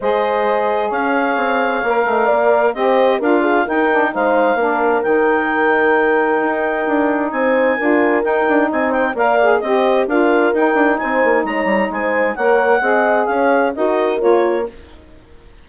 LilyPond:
<<
  \new Staff \with { instrumentName = "clarinet" } { \time 4/4 \tempo 4 = 131 dis''2 f''2~ | f''2 dis''4 f''4 | g''4 f''2 g''4~ | g''1 |
gis''2 g''4 gis''8 g''8 | f''4 dis''4 f''4 g''4 | gis''4 ais''4 gis''4 fis''4~ | fis''4 f''4 dis''4 cis''4 | }
  \new Staff \with { instrumentName = "horn" } { \time 4/4 c''2 cis''2~ | cis''8 dis''8 d''4 c''4 ais'8 gis'8 | ais'4 c''4 ais'2~ | ais'1 |
c''4 ais'2 dis''8 c''8 | d''4 c''4 ais'2 | c''4 cis''4 c''4 cis''4 | dis''4 cis''4 ais'2 | }
  \new Staff \with { instrumentName = "saxophone" } { \time 4/4 gis'1 | ais'2 g'4 f'4 | dis'8 d'8 dis'4 d'4 dis'4~ | dis'1~ |
dis'4 f'4 dis'2 | ais'8 gis'8 g'4 f'4 dis'4~ | dis'2. ais'4 | gis'2 fis'4 f'4 | }
  \new Staff \with { instrumentName = "bassoon" } { \time 4/4 gis2 cis'4 c'4 | ais8 a8 ais4 c'4 d'4 | dis'4 gis4 ais4 dis4~ | dis2 dis'4 d'4 |
c'4 d'4 dis'8 d'8 c'4 | ais4 c'4 d'4 dis'8 d'8 | c'8 ais8 gis8 g8 gis4 ais4 | c'4 cis'4 dis'4 ais4 | }
>>